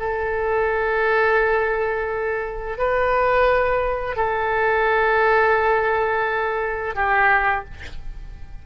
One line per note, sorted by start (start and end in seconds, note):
0.00 2.78 A4
2.78 4.17 B4
4.17 6.95 A4
6.95 7.65 G4